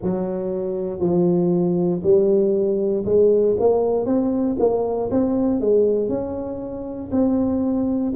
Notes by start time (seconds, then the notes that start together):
0.02 F#3
0.99 F3
2.03 G3
3.05 G#3
3.59 A#3
4.05 C4
4.59 A#3
5.11 C4
5.60 G#3
6.08 C#4
7.11 C4